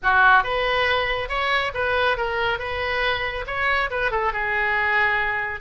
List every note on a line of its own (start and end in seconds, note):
0.02 0.43 F#4
0.43 1.29 B4
1.29 1.72 C#5
1.74 2.17 B4
2.17 2.59 A#4
2.59 3.45 B4
3.46 3.89 C#5
3.90 4.11 B4
4.11 4.32 A4
4.33 5.60 G#4